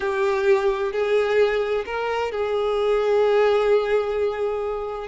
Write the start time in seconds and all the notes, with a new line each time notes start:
0.00 G4
0.92 G#4
1.85 A#4
2.31 G#4